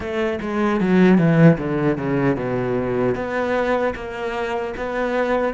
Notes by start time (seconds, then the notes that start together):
0.00 A3
0.41 G#3
0.80 F#3
1.18 E3
1.58 D3
1.97 C#3
2.36 B2
3.15 B3
3.94 A#3
4.77 B3